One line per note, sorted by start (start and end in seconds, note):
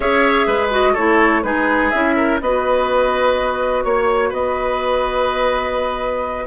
0.00 0.46 C#4
0.00 0.71 G#4
0.00 0.46 C#5
0.00 0.68 E5
0.46 0.94 G#3
0.46 0.92 B4
0.71 0.95 F#4
0.71 0.95 D#5
0.92 1.43 A3
0.92 1.43 E4
0.92 1.40 A4
0.92 1.42 C#5
1.42 1.91 G#3
1.42 1.91 D#4
1.42 2.16 G#4
1.42 1.90 B4
1.90 2.40 C#4
1.90 2.40 E4
1.90 2.38 E5
2.16 2.40 A#4
2.40 3.84 B3
2.40 6.47 F#4
2.40 3.84 B4
2.40 3.83 D#5
3.83 4.31 A#3
3.83 4.31 C#5
3.83 4.29 C#5
4.29 6.47 B3
4.29 6.45 B4
4.29 6.47 D#5